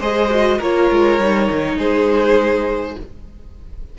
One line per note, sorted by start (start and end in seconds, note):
0.00 0.60 G#3
0.00 0.30 G#4
0.00 0.58 C5
0.00 0.62 D#5
0.30 0.60 F#4
0.58 0.91 A#3
0.58 1.21 F4
0.58 1.77 A#4
0.58 1.79 C#5
0.91 1.20 G#3
1.20 1.49 G3
1.20 2.99 D#4
1.51 1.77 D#3
1.77 2.96 G#3
1.77 2.96 G#4
1.77 2.98 C5